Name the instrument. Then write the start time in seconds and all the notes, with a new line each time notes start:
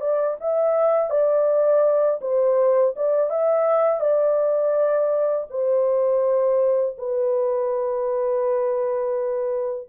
horn
0.00 D5
0.40 E5
1.10 D5
2.21 C5
2.96 D5
3.30 E5
4.00 D5
5.50 C5
6.98 B4